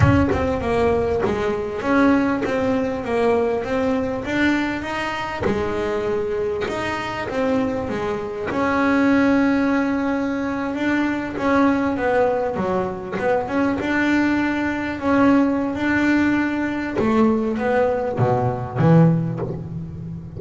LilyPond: \new Staff \with { instrumentName = "double bass" } { \time 4/4 \tempo 4 = 99 cis'8 c'8 ais4 gis4 cis'4 | c'4 ais4 c'4 d'4 | dis'4 gis2 dis'4 | c'4 gis4 cis'2~ |
cis'4.~ cis'16 d'4 cis'4 b16~ | b8. fis4 b8 cis'8 d'4~ d'16~ | d'8. cis'4~ cis'16 d'2 | a4 b4 b,4 e4 | }